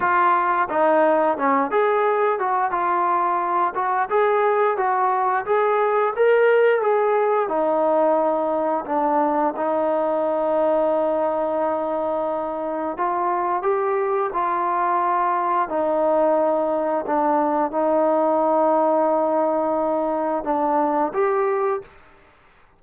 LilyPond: \new Staff \with { instrumentName = "trombone" } { \time 4/4 \tempo 4 = 88 f'4 dis'4 cis'8 gis'4 fis'8 | f'4. fis'8 gis'4 fis'4 | gis'4 ais'4 gis'4 dis'4~ | dis'4 d'4 dis'2~ |
dis'2. f'4 | g'4 f'2 dis'4~ | dis'4 d'4 dis'2~ | dis'2 d'4 g'4 | }